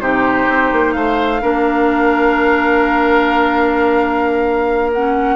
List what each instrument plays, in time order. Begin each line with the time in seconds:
0.00 bassoon C3, clarinet D#4, oboe G4, flute C5
0.48 bassoon C4
0.72 bassoon A#3
0.92 bassoon A3, oboe C5, flute F5
1.41 bassoon A#3, clarinet D4, oboe A#4
4.93 clarinet C#4, flute F#5